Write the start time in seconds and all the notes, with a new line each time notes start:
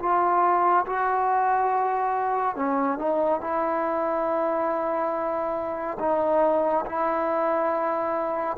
0.00 F4
0.86 F#4
2.56 C#4
2.99 D#4
3.41 E4
6.00 D#4
6.86 E4